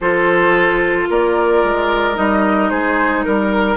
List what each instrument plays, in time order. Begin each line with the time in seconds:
0.00 bassoon F3, clarinet F4, oboe A4, flute C5
1.10 bassoon A#3, oboe A#4, flute D5
1.63 bassoon G#3
2.15 bassoon G3, clarinet D#4, flute D#5
2.69 bassoon G#3, oboe G#4, flute C5
3.24 bassoon G3, flute A#4, oboe A#4